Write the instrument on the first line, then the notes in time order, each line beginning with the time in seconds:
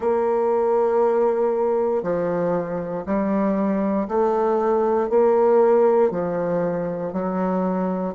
bassoon
0.00 A#3
2.02 F3
3.06 G3
4.07 A3
5.09 A#3
6.11 F3
7.12 F#3